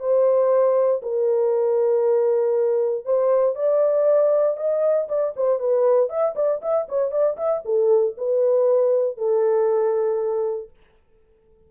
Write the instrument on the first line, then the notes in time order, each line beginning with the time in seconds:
horn
0.00 C5
1.02 A#4
3.05 C5
3.56 D5
4.57 D#5
5.09 D5
5.36 C5
5.60 B4
6.09 E5
6.36 D5
6.62 E5
6.89 C#5
7.11 D5
7.37 E5
7.65 A4
8.18 B4
9.18 A4